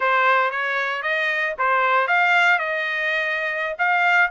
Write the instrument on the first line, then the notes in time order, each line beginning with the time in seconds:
trumpet
0.00 C5
0.50 C#5
1.02 D#5
1.58 C5
2.07 F5
2.58 D#5
3.78 F5